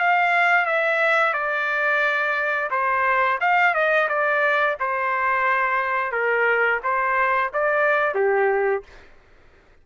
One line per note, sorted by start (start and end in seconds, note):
0.00 0.66 F5
0.66 1.34 E5
1.34 2.70 D5
2.71 3.39 C5
3.41 3.75 F5
3.75 4.09 D#5
4.09 4.78 D5
4.80 6.12 C5
6.12 6.81 A#4
6.84 7.52 C5
7.54 8.15 D5
8.15 8.83 G4